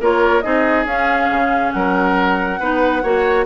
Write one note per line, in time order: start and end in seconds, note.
0.00 0.43 A#3
0.00 0.43 F4
0.00 0.44 A#4
0.00 0.41 C#5
0.41 0.85 C4
0.41 0.86 D#4
0.41 1.74 G#4
0.41 0.85 D#5
0.85 1.28 C#4
0.85 2.60 C#4
0.85 1.72 F5
1.30 1.73 C#3
1.72 2.60 F#3
1.72 2.60 A#4
1.72 3.45 F#5
2.60 3.03 B3
2.60 3.03 D#4
2.60 3.03 B4
3.03 3.45 A#3
3.03 3.45 F#4
3.03 3.45 C#5